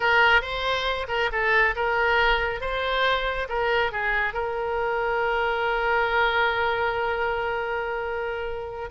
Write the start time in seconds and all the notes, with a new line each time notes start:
0.00 A#4
0.41 C5
1.08 A#4
1.31 A4
1.75 A#4
2.61 C5
3.49 A#4
3.92 G#4
4.33 A#4